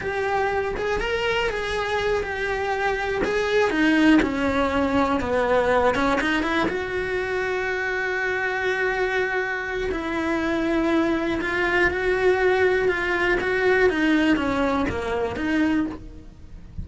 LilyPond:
\new Staff \with { instrumentName = "cello" } { \time 4/4 \tempo 4 = 121 g'4. gis'8 ais'4 gis'4~ | gis'8 g'2 gis'4 dis'8~ | dis'8 cis'2 b4. | cis'8 dis'8 e'8 fis'2~ fis'8~ |
fis'1 | e'2. f'4 | fis'2 f'4 fis'4 | dis'4 cis'4 ais4 dis'4 | }